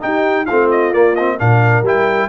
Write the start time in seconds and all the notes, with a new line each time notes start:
0.00 D#4 G4 G5
0.44 A3 C4 F4 F5
0.70 D#5
0.93 A#3 D5
1.15 C4 D#5
1.38 A#2 D4 A#4 F5
1.82 G3 E4 G5